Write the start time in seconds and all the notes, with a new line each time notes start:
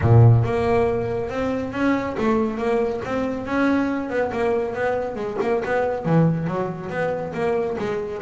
0.01 A#2
0.44 A#3
1.29 C4
1.72 C#4
2.17 A3
2.57 A#3
3.04 C4
3.46 C#4
4.09 B3
4.31 A#3
4.74 B3
5.15 G#3
5.41 A#3
5.65 B3
6.05 E3
6.47 F#3
6.89 B3
7.33 A#3
7.78 G#3